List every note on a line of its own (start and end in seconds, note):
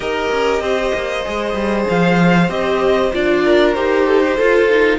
0.00 0.30 D#4
0.00 1.23 G4
0.00 0.62 A#4
0.00 1.85 D#5
0.30 0.61 C#4
0.61 0.92 C4
0.61 3.44 C5
0.94 1.25 A#3
1.24 1.54 G#3
1.24 2.49 G#4
1.54 1.85 G3
1.88 2.49 F3
1.88 2.50 F5
2.49 3.11 C4
2.49 3.11 G4
2.49 3.12 D#5
3.12 3.77 D4
3.12 3.74 F4
3.12 3.73 D5
3.44 4.06 A#4
3.73 4.39 D#4
3.73 4.37 G4
3.73 4.98 C5
4.06 4.22 A4
4.22 4.36 G4
4.36 4.69 F4
4.36 4.98 F4
4.36 4.98 A4
4.69 4.98 D#4